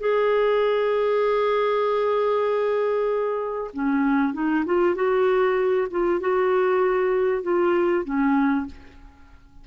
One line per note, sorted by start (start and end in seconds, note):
0.00 3.71 G#4
3.74 4.34 C#4
4.34 4.65 D#4
4.66 4.95 F4
4.95 5.88 F#4
5.91 6.21 F4
6.21 7.43 F#4
7.43 8.05 F4
8.05 8.67 C#4